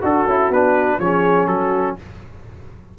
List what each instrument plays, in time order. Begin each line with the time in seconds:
0.00 tuba D4, horn F#4, trombone F#4, trumpet A4
0.25 tuba C#4, trombone E4
0.49 tuba B3, trombone D4, trumpet B4
0.98 tuba F3, trombone C#4, horn G#4, trumpet C#5
1.47 tuba F#3, horn F#4, trumpet A4